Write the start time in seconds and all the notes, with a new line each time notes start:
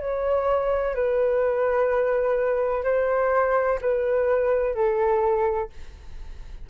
0.00 C#5
0.95 B4
2.84 C5
3.81 B4
4.74 A4